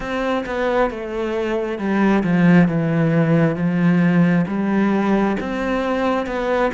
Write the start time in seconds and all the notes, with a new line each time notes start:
0.00 C4
0.46 B3
0.90 A3
1.78 G3
2.23 F3
2.67 E3
3.55 F3
4.47 G3
5.40 C4
6.26 B3